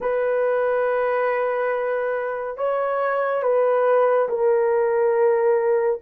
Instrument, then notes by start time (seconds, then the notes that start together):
horn
0.00 B4
2.57 C#5
3.42 B4
4.29 A#4